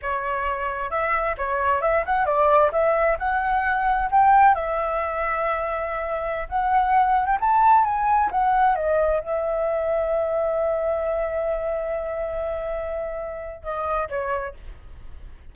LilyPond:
\new Staff \with { instrumentName = "flute" } { \time 4/4 \tempo 4 = 132 cis''2 e''4 cis''4 | e''8 fis''8 d''4 e''4 fis''4~ | fis''4 g''4 e''2~ | e''2~ e''16 fis''4.~ fis''16 |
g''16 a''4 gis''4 fis''4 dis''8.~ | dis''16 e''2.~ e''8.~ | e''1~ | e''2 dis''4 cis''4 | }